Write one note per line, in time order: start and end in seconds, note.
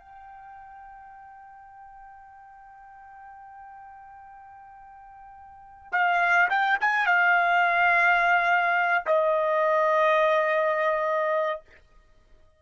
0.00 5.92 G5
5.92 6.49 F5
6.50 6.78 G5
6.81 7.07 G#5
7.07 9.05 F5
9.06 11.61 D#5